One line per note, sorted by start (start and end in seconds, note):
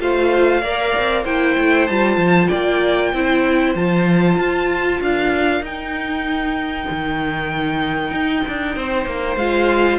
0.00 0.63 A3
0.00 0.62 F4
0.00 0.62 C5
0.00 1.26 F5
0.62 0.94 A#3
0.62 1.26 A#4
0.62 1.24 D5
0.99 1.25 C4
1.24 1.56 A#3
1.24 1.88 E4
1.24 2.49 C5
1.24 1.88 G5
1.59 1.90 A3
1.88 2.17 G3
1.88 3.15 F4
1.88 2.48 A5
2.17 2.49 F3
2.48 3.14 A#3
2.48 3.11 D5
2.48 3.73 G5
3.14 3.75 C4
3.14 3.76 E4
3.14 5.03 C5
3.75 4.38 F3
3.75 5.63 F4
3.75 5.01 A5
4.38 5.01 F4
5.01 5.61 D4
5.01 8.77 A#4
5.01 5.65 F5
5.61 6.86 D#4
5.61 9.40 D#4
5.61 9.37 G5
6.90 8.12 D#3
8.12 8.43 D#4
8.48 8.77 D4
8.77 9.06 C4
8.77 9.99 C5
9.06 9.36 A#3
9.36 9.99 G#3
9.36 9.99 F4
9.36 9.99 F5